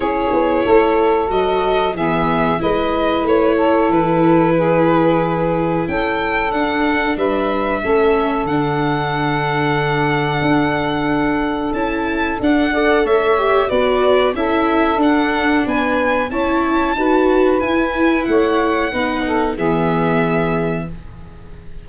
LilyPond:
<<
  \new Staff \with { instrumentName = "violin" } { \time 4/4 \tempo 4 = 92 cis''2 dis''4 e''4 | dis''4 cis''4 b'2~ | b'4 g''4 fis''4 e''4~ | e''4 fis''2.~ |
fis''2 a''4 fis''4 | e''4 d''4 e''4 fis''4 | gis''4 a''2 gis''4 | fis''2 e''2 | }
  \new Staff \with { instrumentName = "saxophone" } { \time 4/4 gis'4 a'2 gis'4 | b'4. a'4. gis'4~ | gis'4 a'2 b'4 | a'1~ |
a'2.~ a'8 d''8 | cis''4 b'4 a'2 | b'4 cis''4 b'2 | cis''4 b'8 a'8 gis'2 | }
  \new Staff \with { instrumentName = "viola" } { \time 4/4 e'2 fis'4 b4 | e'1~ | e'2 d'2 | cis'4 d'2.~ |
d'2 e'4 d'8 a'8~ | a'8 g'8 fis'4 e'4 d'4~ | d'4 e'4 fis'4 e'4~ | e'4 dis'4 b2 | }
  \new Staff \with { instrumentName = "tuba" } { \time 4/4 cis'8 b8 a4 fis4 e4 | gis4 a4 e2~ | e4 cis'4 d'4 g4 | a4 d2. |
d'2 cis'4 d'4 | a4 b4 cis'4 d'4 | b4 cis'4 dis'4 e'4 | a4 b4 e2 | }
>>